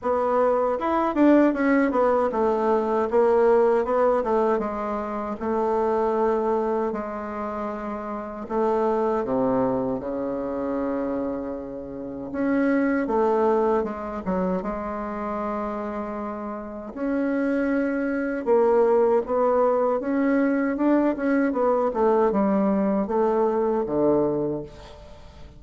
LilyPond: \new Staff \with { instrumentName = "bassoon" } { \time 4/4 \tempo 4 = 78 b4 e'8 d'8 cis'8 b8 a4 | ais4 b8 a8 gis4 a4~ | a4 gis2 a4 | c4 cis2. |
cis'4 a4 gis8 fis8 gis4~ | gis2 cis'2 | ais4 b4 cis'4 d'8 cis'8 | b8 a8 g4 a4 d4 | }